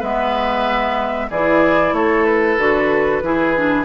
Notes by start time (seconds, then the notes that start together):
0.00 G#3 B3 B4 E5
1.30 E3 E4 G#4 D5
1.93 A3 A4 C#5
2.25 B4
2.58 D3 F#4
3.23 E3 E4 G#4
3.57 D4